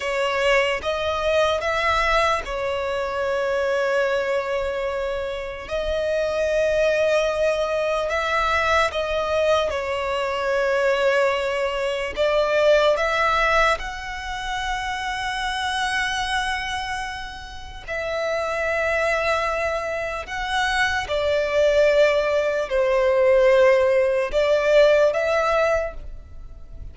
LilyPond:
\new Staff \with { instrumentName = "violin" } { \time 4/4 \tempo 4 = 74 cis''4 dis''4 e''4 cis''4~ | cis''2. dis''4~ | dis''2 e''4 dis''4 | cis''2. d''4 |
e''4 fis''2.~ | fis''2 e''2~ | e''4 fis''4 d''2 | c''2 d''4 e''4 | }